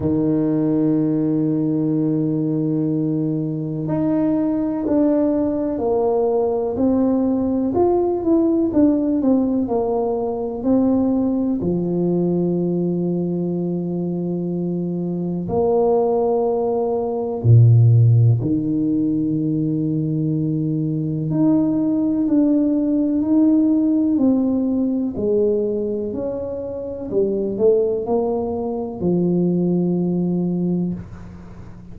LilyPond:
\new Staff \with { instrumentName = "tuba" } { \time 4/4 \tempo 4 = 62 dis1 | dis'4 d'4 ais4 c'4 | f'8 e'8 d'8 c'8 ais4 c'4 | f1 |
ais2 ais,4 dis4~ | dis2 dis'4 d'4 | dis'4 c'4 gis4 cis'4 | g8 a8 ais4 f2 | }